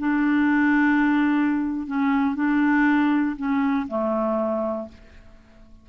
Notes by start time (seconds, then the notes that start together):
0.00 D4
1.87 C#4
2.36 D4
3.37 C#4
3.88 A3